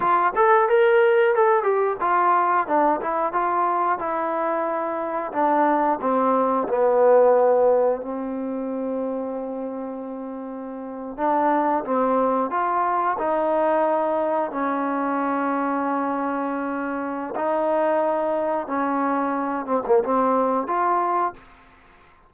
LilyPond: \new Staff \with { instrumentName = "trombone" } { \time 4/4 \tempo 4 = 90 f'8 a'8 ais'4 a'8 g'8 f'4 | d'8 e'8 f'4 e'2 | d'4 c'4 b2 | c'1~ |
c'8. d'4 c'4 f'4 dis'16~ | dis'4.~ dis'16 cis'2~ cis'16~ | cis'2 dis'2 | cis'4. c'16 ais16 c'4 f'4 | }